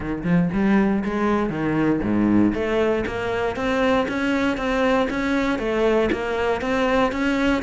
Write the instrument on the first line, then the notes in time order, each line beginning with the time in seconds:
cello
0.00 D#3
0.23 F3
0.52 G3
1.04 G#3
1.49 D#3
2.02 G#2
2.54 A3
3.06 A#3
3.55 C4
4.08 C#4
4.57 C4
5.10 C#4
5.58 A3
6.12 A#3
6.61 C4
7.12 C#4